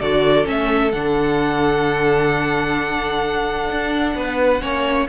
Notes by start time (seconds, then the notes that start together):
0.00 D3 F#4 A4 D5
0.44 A3 C#4 E5
0.92 D3 D4 F#5
3.70 D4
4.15 B3 B4
4.60 A#3 C#4 C#5